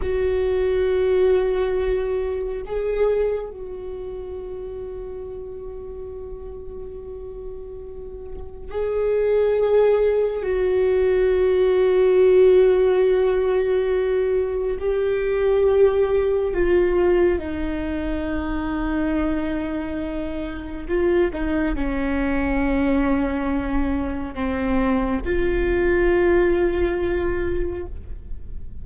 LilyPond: \new Staff \with { instrumentName = "viola" } { \time 4/4 \tempo 4 = 69 fis'2. gis'4 | fis'1~ | fis'2 gis'2 | fis'1~ |
fis'4 g'2 f'4 | dis'1 | f'8 dis'8 cis'2. | c'4 f'2. | }